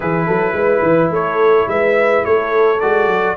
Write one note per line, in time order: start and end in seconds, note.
0.00 0.28 E3
0.00 2.77 E4
0.00 0.26 G#4
0.00 1.12 B4
0.26 0.52 F#3
0.26 0.54 A4
0.52 0.80 G#3
0.52 1.13 B4
0.82 1.10 E3
1.10 1.66 A3
1.10 1.69 A4
1.10 1.68 C#5
1.67 2.23 G#3
1.67 2.25 B4
1.67 2.24 E5
2.24 2.82 A3
2.24 3.36 A4
2.24 2.80 C#5
2.80 3.07 G#3
2.80 3.36 F#4
2.80 3.36 D5
3.07 3.35 F#3